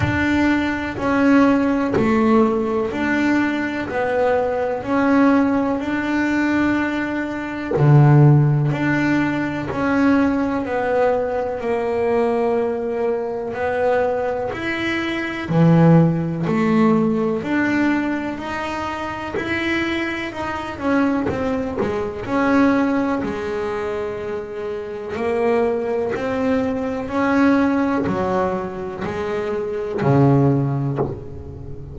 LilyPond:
\new Staff \with { instrumentName = "double bass" } { \time 4/4 \tempo 4 = 62 d'4 cis'4 a4 d'4 | b4 cis'4 d'2 | d4 d'4 cis'4 b4 | ais2 b4 e'4 |
e4 a4 d'4 dis'4 | e'4 dis'8 cis'8 c'8 gis8 cis'4 | gis2 ais4 c'4 | cis'4 fis4 gis4 cis4 | }